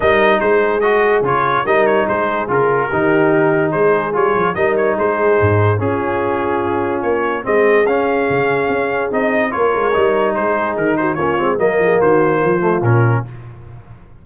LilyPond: <<
  \new Staff \with { instrumentName = "trumpet" } { \time 4/4 \tempo 4 = 145 dis''4 c''4 dis''4 cis''4 | dis''8 cis''8 c''4 ais'2~ | ais'4 c''4 cis''4 dis''8 cis''8 | c''2 gis'2~ |
gis'4 cis''4 dis''4 f''4~ | f''2 dis''4 cis''4~ | cis''4 c''4 ais'8 c''8 cis''4 | dis''4 c''2 ais'4 | }
  \new Staff \with { instrumentName = "horn" } { \time 4/4 ais'4 gis'2. | ais'4 gis'2 g'4~ | g'4 gis'2 ais'4 | gis'2 f'2~ |
f'2 gis'2~ | gis'2. ais'4~ | ais'4 gis'4. fis'8 f'4 | ais'8 gis'8 fis'4 f'2 | }
  \new Staff \with { instrumentName = "trombone" } { \time 4/4 dis'2 fis'4 f'4 | dis'2 f'4 dis'4~ | dis'2 f'4 dis'4~ | dis'2 cis'2~ |
cis'2 c'4 cis'4~ | cis'2 dis'4 f'4 | dis'2. cis'8 c'8 | ais2~ ais8 a8 cis'4 | }
  \new Staff \with { instrumentName = "tuba" } { \time 4/4 g4 gis2 cis4 | g4 gis4 cis4 dis4~ | dis4 gis4 g8 f8 g4 | gis4 gis,4 cis'2~ |
cis'4 ais4 gis4 cis'4 | cis4 cis'4 c'4 ais8 gis8 | g4 gis4 dis4 ais8 gis8 | fis8 f8 dis4 f4 ais,4 | }
>>